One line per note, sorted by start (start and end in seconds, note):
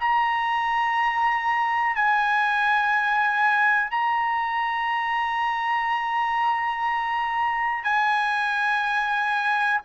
0.00 1.96 A#5
1.96 3.91 G#5
3.91 7.84 A#5
7.84 9.81 G#5